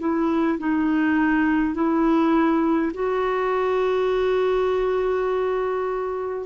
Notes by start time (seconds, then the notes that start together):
0.00 E4
0.59 D#4
1.74 E4
2.94 F#4